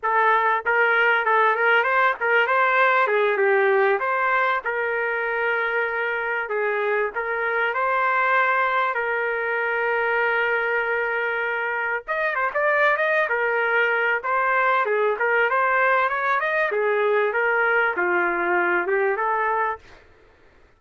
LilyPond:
\new Staff \with { instrumentName = "trumpet" } { \time 4/4 \tempo 4 = 97 a'4 ais'4 a'8 ais'8 c''8 ais'8 | c''4 gis'8 g'4 c''4 ais'8~ | ais'2~ ais'8 gis'4 ais'8~ | ais'8 c''2 ais'4.~ |
ais'2.~ ais'8 dis''8 | c''16 d''8. dis''8 ais'4. c''4 | gis'8 ais'8 c''4 cis''8 dis''8 gis'4 | ais'4 f'4. g'8 a'4 | }